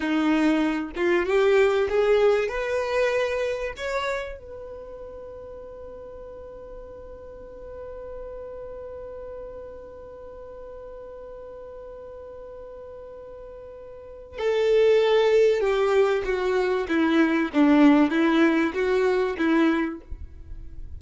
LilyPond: \new Staff \with { instrumentName = "violin" } { \time 4/4 \tempo 4 = 96 dis'4. f'8 g'4 gis'4 | b'2 cis''4 b'4~ | b'1~ | b'1~ |
b'1~ | b'2. a'4~ | a'4 g'4 fis'4 e'4 | d'4 e'4 fis'4 e'4 | }